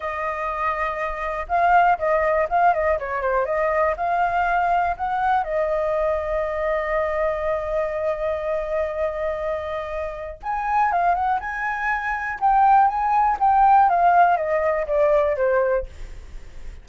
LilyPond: \new Staff \with { instrumentName = "flute" } { \time 4/4 \tempo 4 = 121 dis''2. f''4 | dis''4 f''8 dis''8 cis''8 c''8 dis''4 | f''2 fis''4 dis''4~ | dis''1~ |
dis''1~ | dis''4 gis''4 f''8 fis''8 gis''4~ | gis''4 g''4 gis''4 g''4 | f''4 dis''4 d''4 c''4 | }